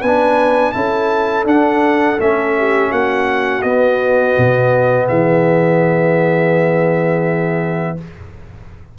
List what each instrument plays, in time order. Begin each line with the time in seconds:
0.00 tuba B3, horn B4, trumpet G#5
0.06 trombone D4
0.72 tuba C#4, trombone E4, horn A4, trumpet A5
1.45 tuba D4, trombone D4, trumpet F#5
2.18 tuba A3, trombone C#4, trumpet E5
2.58 horn G4
2.89 tuba A#3, horn F#4, trumpet F#5
3.62 tuba B3, trombone B3, trumpet D#5
4.37 tuba B2
5.07 tuba E3, horn G#4, trumpet E5